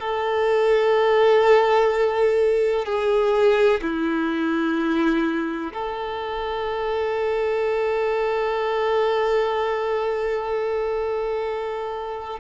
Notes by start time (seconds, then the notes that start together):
0.00 A4
2.86 G#4
3.82 E4
5.74 A4